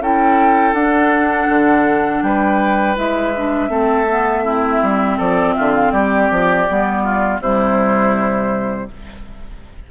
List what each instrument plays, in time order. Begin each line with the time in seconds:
0.00 bassoon C#4, clarinet E4, oboe A4, flute G5
0.73 bassoon D4, clarinet D4, flute F#5
1.49 bassoon D3
2.22 bassoon G3, oboe B4, flute G5
2.96 bassoon G#3, clarinet E4, flute E5
3.37 clarinet D4
3.69 bassoon A3, clarinet C4, oboe A4
4.09 clarinet B3
4.44 clarinet C4, oboe E4
4.82 bassoon G3
5.17 bassoon F3, oboe A4, flute D5
5.53 bassoon D3, oboe F4, flute E5
5.75 flute F5
5.91 bassoon G3, oboe G4, flute D5
6.31 bassoon F3
6.68 bassoon G3, clarinet B3
7.04 oboe F4
7.40 bassoon C3, clarinet G3, oboe E4, flute C5